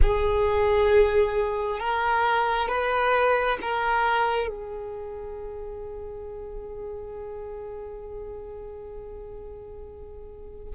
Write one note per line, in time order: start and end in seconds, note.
0.02 1.79 G#4
1.79 2.68 A#4
2.68 3.57 B4
3.61 4.47 A#4
4.47 10.74 G#4